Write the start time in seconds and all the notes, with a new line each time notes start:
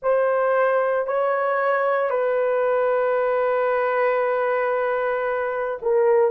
0.02 C5
1.06 C#5
2.10 B4
5.82 A#4